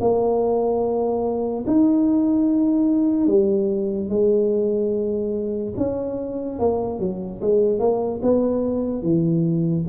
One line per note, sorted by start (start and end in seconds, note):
0.00 1.64 A#3
1.67 3.27 D#4
3.27 4.09 G3
4.09 5.73 G#3
5.76 6.59 C#4
6.59 6.99 A#3
6.99 7.40 F#3
7.41 7.79 G#3
7.79 8.20 A#3
8.22 9.02 B3
9.02 9.84 E3